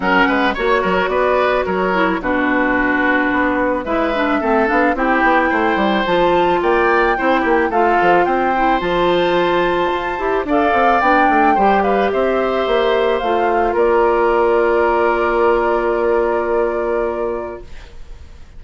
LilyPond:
<<
  \new Staff \with { instrumentName = "flute" } { \time 4/4 \tempo 4 = 109 fis''4 cis''4 d''4 cis''4 | b'2. e''4~ | e''8 f''8 g''2 a''4 | g''2 f''4 g''4 |
a''2. f''4 | g''4. f''8 e''2 | f''4 d''2.~ | d''1 | }
  \new Staff \with { instrumentName = "oboe" } { \time 4/4 ais'8 b'8 cis''8 ais'8 b'4 ais'4 | fis'2. b'4 | a'4 g'4 c''2 | d''4 c''8 g'8 a'4 c''4~ |
c''2. d''4~ | d''4 c''8 b'8 c''2~ | c''4 ais'2.~ | ais'1 | }
  \new Staff \with { instrumentName = "clarinet" } { \time 4/4 cis'4 fis'2~ fis'8 e'8 | d'2. e'8 d'8 | c'8 d'8 e'2 f'4~ | f'4 e'4 f'4. e'8 |
f'2~ f'8 g'8 a'4 | d'4 g'2. | f'1~ | f'1 | }
  \new Staff \with { instrumentName = "bassoon" } { \time 4/4 fis8 gis8 ais8 fis8 b4 fis4 | b,2 b4 gis4 | a8 b8 c'8 b8 a8 g8 f4 | ais4 c'8 ais8 a8 f8 c'4 |
f2 f'8 e'8 d'8 c'8 | b8 a8 g4 c'4 ais4 | a4 ais2.~ | ais1 | }
>>